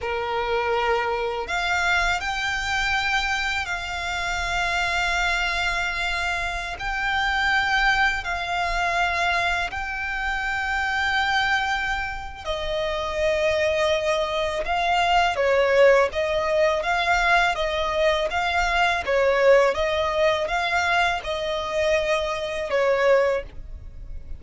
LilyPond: \new Staff \with { instrumentName = "violin" } { \time 4/4 \tempo 4 = 82 ais'2 f''4 g''4~ | g''4 f''2.~ | f''4~ f''16 g''2 f''8.~ | f''4~ f''16 g''2~ g''8.~ |
g''4 dis''2. | f''4 cis''4 dis''4 f''4 | dis''4 f''4 cis''4 dis''4 | f''4 dis''2 cis''4 | }